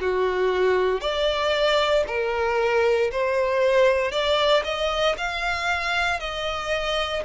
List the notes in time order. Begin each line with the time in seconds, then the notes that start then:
0.00 F#4
1.00 D5
2.07 A#4
3.11 C5
4.11 D5
4.64 D#5
5.17 F5
6.19 D#5